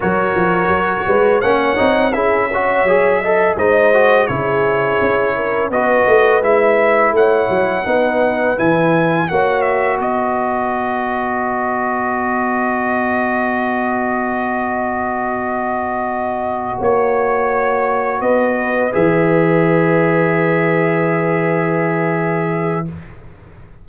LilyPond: <<
  \new Staff \with { instrumentName = "trumpet" } { \time 4/4 \tempo 4 = 84 cis''2 fis''4 e''4~ | e''4 dis''4 cis''2 | dis''4 e''4 fis''2 | gis''4 fis''8 e''8 dis''2~ |
dis''1~ | dis''2.~ dis''8 cis''8~ | cis''4. dis''4 e''4.~ | e''1 | }
  \new Staff \with { instrumentName = "horn" } { \time 4/4 ais'4. b'8 cis''4 gis'8 cis''8~ | cis''8 dis''8 c''4 gis'4. ais'8 | b'2 cis''4 b'4~ | b'4 cis''4 b'2~ |
b'1~ | b'2.~ b'8 cis''8~ | cis''4. b'2~ b'8~ | b'1 | }
  \new Staff \with { instrumentName = "trombone" } { \time 4/4 fis'2 cis'8 dis'8 e'8 fis'8 | gis'8 a'8 dis'8 fis'8 e'2 | fis'4 e'2 dis'4 | e'4 fis'2.~ |
fis'1~ | fis'1~ | fis'2~ fis'8 gis'4.~ | gis'1 | }
  \new Staff \with { instrumentName = "tuba" } { \time 4/4 fis8 f8 fis8 gis8 ais8 c'8 cis'4 | fis4 gis4 cis4 cis'4 | b8 a8 gis4 a8 fis8 b4 | e4 ais4 b2~ |
b1~ | b2.~ b8 ais8~ | ais4. b4 e4.~ | e1 | }
>>